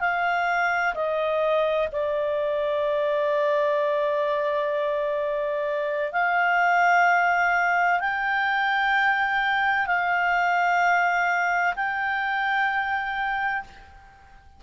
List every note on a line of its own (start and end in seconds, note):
0.00 0.94 F5
0.95 1.88 D#5
1.92 6.12 D5
6.12 8.00 F5
8.00 9.87 G5
9.87 11.74 F5
11.76 13.63 G5